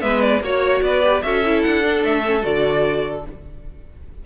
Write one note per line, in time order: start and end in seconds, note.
0.00 0.40 G#3
0.00 0.40 B3
0.00 0.43 B4
0.00 0.21 E5
0.21 0.41 D5
0.40 0.81 A#3
0.40 1.03 F#4
0.40 0.84 C#5
0.40 0.82 C#5
0.82 1.22 B3
0.82 1.24 B4
0.82 1.22 D5
1.03 1.23 G4
1.22 1.65 C#4
1.22 1.43 F#4
1.22 3.26 A4
1.22 1.62 E5
1.45 1.83 E4
1.62 2.04 D4
1.62 2.02 F#5
1.83 2.23 D4
2.04 2.44 A3
2.04 2.44 E5
2.25 2.42 C#4
2.42 3.26 D3
2.42 3.22 F#4
2.42 3.25 D5